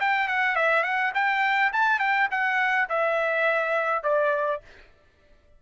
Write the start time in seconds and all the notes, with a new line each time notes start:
0.00 G5
0.28 F#5
0.56 E5
0.83 F#5
1.14 G5
1.73 A5
1.99 G5
2.31 F#5
2.89 E5
4.03 D5